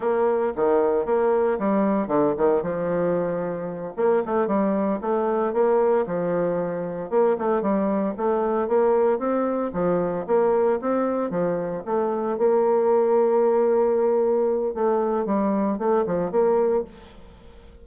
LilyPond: \new Staff \with { instrumentName = "bassoon" } { \time 4/4 \tempo 4 = 114 ais4 dis4 ais4 g4 | d8 dis8 f2~ f8 ais8 | a8 g4 a4 ais4 f8~ | f4. ais8 a8 g4 a8~ |
a8 ais4 c'4 f4 ais8~ | ais8 c'4 f4 a4 ais8~ | ais1 | a4 g4 a8 f8 ais4 | }